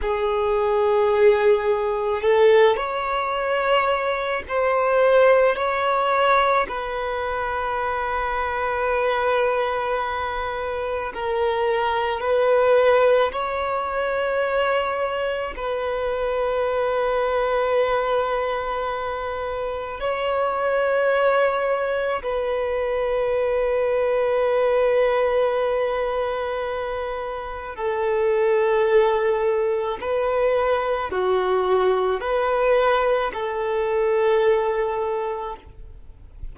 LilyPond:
\new Staff \with { instrumentName = "violin" } { \time 4/4 \tempo 4 = 54 gis'2 a'8 cis''4. | c''4 cis''4 b'2~ | b'2 ais'4 b'4 | cis''2 b'2~ |
b'2 cis''2 | b'1~ | b'4 a'2 b'4 | fis'4 b'4 a'2 | }